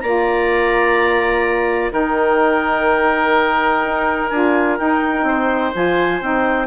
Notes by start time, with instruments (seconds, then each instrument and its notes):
0.00 bassoon A#3, saxophone F4, oboe D5, clarinet A#5
1.90 bassoon D#3, saxophone D#4, oboe A#4, clarinet G5
3.85 bassoon D#4
4.29 bassoon D4, saxophone F4, clarinet G#5
4.78 saxophone D#4, bassoon D#4, clarinet G5
5.23 bassoon C4, oboe C5
5.73 bassoon F3, saxophone F4, clarinet G#5
6.21 bassoon C4, saxophone D#4, clarinet G5